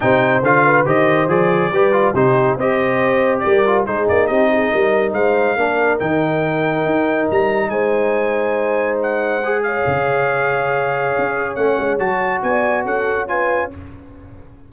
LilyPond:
<<
  \new Staff \with { instrumentName = "trumpet" } { \time 4/4 \tempo 4 = 140 g''4 f''4 dis''4 d''4~ | d''4 c''4 dis''2 | d''4 c''8 d''8 dis''2 | f''2 g''2~ |
g''4 ais''4 gis''2~ | gis''4 fis''4. f''4.~ | f''2. fis''4 | a''4 gis''4 fis''4 gis''4 | }
  \new Staff \with { instrumentName = "horn" } { \time 4/4 c''4. b'8 c''2 | b'4 g'4 c''2 | ais'4 gis'4 g'8 gis'8 ais'4 | c''4 ais'2.~ |
ais'2 c''2~ | c''2~ c''8 cis''4.~ | cis''1~ | cis''4 d''4 a'4 b'4 | }
  \new Staff \with { instrumentName = "trombone" } { \time 4/4 dis'4 f'4 g'4 gis'4 | g'8 f'8 dis'4 g'2~ | g'8 f'8 dis'2.~ | dis'4 d'4 dis'2~ |
dis'1~ | dis'2 gis'2~ | gis'2. cis'4 | fis'2. f'4 | }
  \new Staff \with { instrumentName = "tuba" } { \time 4/4 c4 d4 dis4 f4 | g4 c4 c'2 | g4 gis8 ais8 c'4 g4 | gis4 ais4 dis2 |
dis'4 g4 gis2~ | gis2. cis4~ | cis2 cis'4 a8 gis8 | fis4 b4 cis'2 | }
>>